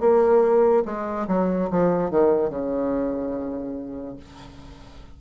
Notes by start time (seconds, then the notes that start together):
0.00 A#3
0.85 G#3
1.28 F#3
1.70 F3
2.11 D#3
2.50 C#3